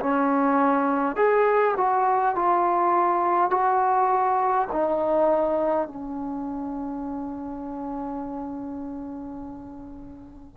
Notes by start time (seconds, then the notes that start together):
0.00 C#4
1.16 G#4
1.76 F#4
2.35 F4
3.50 F#4
4.72 D#4
5.87 C#4